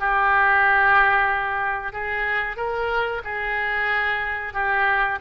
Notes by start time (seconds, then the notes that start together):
0.00 G4
1.93 G#4
2.57 A#4
3.24 G#4
4.54 G4